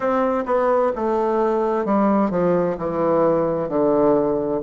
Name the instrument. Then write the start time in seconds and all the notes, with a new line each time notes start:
bassoon
0.00 C4
0.45 B3
0.95 A3
1.85 G3
2.30 F3
2.77 E3
3.68 D3